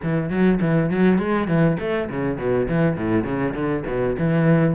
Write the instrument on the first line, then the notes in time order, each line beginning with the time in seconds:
cello
0.02 E3
0.29 F#3
0.60 E3
0.90 F#3
1.18 G#3
1.47 E3
1.79 A3
2.09 C#3
2.37 B2
2.68 E3
2.96 A2
3.24 C#3
3.54 D3
3.86 B2
4.18 E3